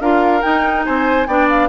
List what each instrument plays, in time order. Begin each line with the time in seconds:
0.00 bassoon D4, clarinet F4, oboe A#4, flute F5
0.42 clarinet D#4, bassoon D#4, flute G5
0.85 bassoon C4, oboe C5, flute G#5
1.27 bassoon B3, clarinet D4, oboe D5, flute G5
1.49 flute F5